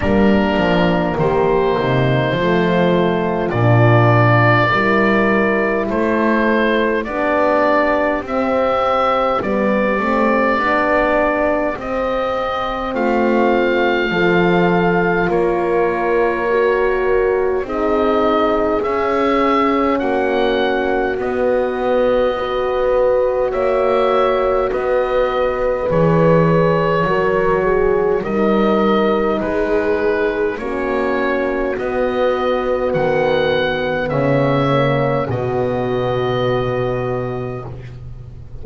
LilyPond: <<
  \new Staff \with { instrumentName = "oboe" } { \time 4/4 \tempo 4 = 51 ais'4 c''2 d''4~ | d''4 c''4 d''4 e''4 | d''2 dis''4 f''4~ | f''4 cis''2 dis''4 |
e''4 fis''4 dis''2 | e''4 dis''4 cis''2 | dis''4 b'4 cis''4 dis''4 | fis''4 e''4 dis''2 | }
  \new Staff \with { instrumentName = "horn" } { \time 4/4 d'4 g'8 dis'8 f'2 | ais'4 a'4 g'2~ | g'2. f'4 | a'4 ais'2 gis'4~ |
gis'4 fis'2 b'4 | cis''4 b'2 ais'8 gis'8 | ais'4 gis'4 fis'2~ | fis'4 cis''4 fis'2 | }
  \new Staff \with { instrumentName = "horn" } { \time 4/4 ais2 a4 d'4 | e'2 d'4 c'4 | b8 c'8 d'4 c'2 | f'2 fis'4 dis'4 |
cis'2 b4 fis'4~ | fis'2 gis'4 fis'4 | dis'2 cis'4 b4~ | b4. ais8 b2 | }
  \new Staff \with { instrumentName = "double bass" } { \time 4/4 g8 f8 dis8 c8 f4 ais,4 | g4 a4 b4 c'4 | g8 a8 b4 c'4 a4 | f4 ais2 c'4 |
cis'4 ais4 b2 | ais4 b4 e4 fis4 | g4 gis4 ais4 b4 | dis4 cis4 b,2 | }
>>